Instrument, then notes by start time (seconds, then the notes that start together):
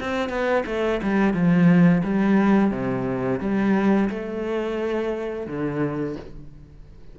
cello
0.00 C4
0.29 B3
0.66 A3
1.03 G3
1.34 F3
2.04 G3
2.71 C3
3.40 G3
4.09 A3
5.47 D3